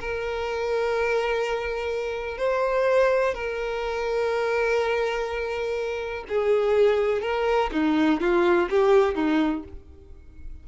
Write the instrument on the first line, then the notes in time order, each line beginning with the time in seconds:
violin
0.00 A#4
2.38 C5
3.34 A#4
6.28 G#4
7.21 A#4
7.72 D#4
8.20 F4
8.70 G4
9.15 D#4